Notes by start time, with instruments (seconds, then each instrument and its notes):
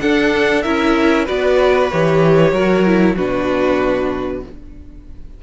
0.00 viola D4, cello D4, violin A4 F#5
0.62 cello C#4, viola E4, violin A#4 E5
1.25 cello B3, viola F#4, violin B4 D5
1.91 cello E3, viola G4, violin C#5
2.52 cello F#3, viola F#4, violin A#4
2.87 viola E4
3.15 cello B2, viola D4, violin F#4 B4